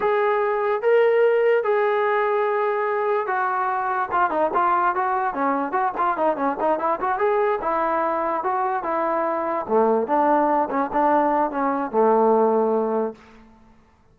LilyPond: \new Staff \with { instrumentName = "trombone" } { \time 4/4 \tempo 4 = 146 gis'2 ais'2 | gis'1 | fis'2 f'8 dis'8 f'4 | fis'4 cis'4 fis'8 f'8 dis'8 cis'8 |
dis'8 e'8 fis'8 gis'4 e'4.~ | e'8 fis'4 e'2 a8~ | a8 d'4. cis'8 d'4. | cis'4 a2. | }